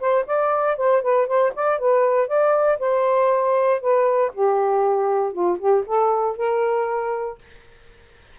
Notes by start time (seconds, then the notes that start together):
0.00 C5
0.26 D5
0.77 C5
1.02 B4
1.27 C5
1.55 D5
1.79 B4
2.28 D5
2.79 C5
3.81 B4
4.34 G4
5.32 F4
5.59 G4
5.86 A4
6.37 A#4